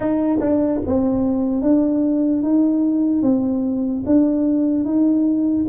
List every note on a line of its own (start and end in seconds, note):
0.00 0.39 D#4
0.40 0.80 D4
0.86 1.62 C4
1.62 2.42 D4
2.42 3.22 D#4
3.22 4.03 C4
4.05 4.84 D4
4.84 5.65 D#4